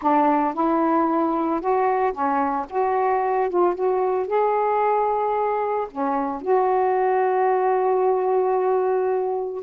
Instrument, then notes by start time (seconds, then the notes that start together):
saxophone
0.02 D4
0.54 E4
1.60 F#4
2.12 C#4
2.69 F#4
3.49 F4
3.75 F#4
4.27 G#4
5.91 C#4
6.41 F#4